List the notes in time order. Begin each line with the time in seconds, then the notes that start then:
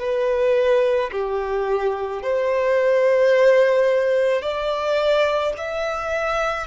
0.00 B4
1.12 G4
2.23 C5
4.42 D5
5.58 E5